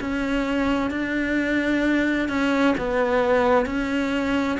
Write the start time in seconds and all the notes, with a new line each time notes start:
0.00 C#4
0.91 D4
2.28 C#4
2.77 B3
3.65 C#4